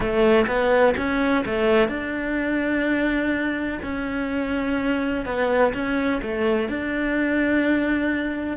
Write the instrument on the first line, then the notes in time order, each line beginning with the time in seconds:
cello
0.00 A3
0.47 B3
0.97 C#4
1.45 A3
1.88 D4
3.82 C#4
5.25 B3
5.73 C#4
6.22 A3
6.68 D4